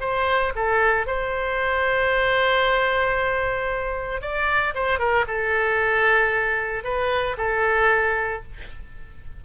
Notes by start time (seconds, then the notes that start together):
0.00 C5
0.55 A4
1.06 C5
4.21 D5
4.74 C5
4.99 A#4
5.27 A4
6.83 B4
7.37 A4